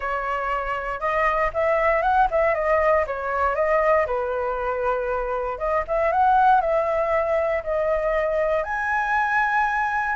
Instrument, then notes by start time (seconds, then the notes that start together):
flute
0.00 C#5
0.99 D#5
1.53 E5
2.02 F#5
2.30 E5
2.54 D#5
3.06 C#5
3.55 D#5
4.06 B4
5.58 D#5
5.87 E5
6.12 F#5
6.61 E5
7.63 D#5
8.63 G#5